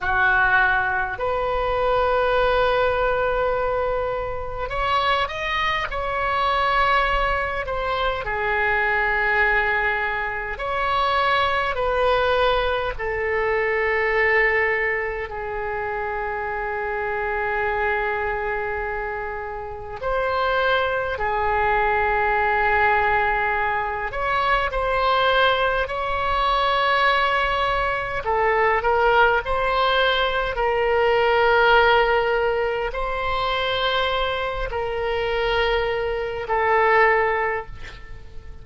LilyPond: \new Staff \with { instrumentName = "oboe" } { \time 4/4 \tempo 4 = 51 fis'4 b'2. | cis''8 dis''8 cis''4. c''8 gis'4~ | gis'4 cis''4 b'4 a'4~ | a'4 gis'2.~ |
gis'4 c''4 gis'2~ | gis'8 cis''8 c''4 cis''2 | a'8 ais'8 c''4 ais'2 | c''4. ais'4. a'4 | }